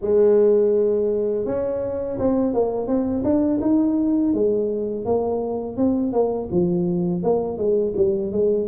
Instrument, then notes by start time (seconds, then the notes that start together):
tuba
0.01 G#3
1.45 C#4
2.19 C4
2.53 A#3
2.87 C4
3.23 D4
3.61 D#4
4.33 G#3
5.05 A#3
5.76 C4
6.12 A#3
6.51 F3
7.22 A#3
7.57 G#3
7.96 G3
8.32 G#3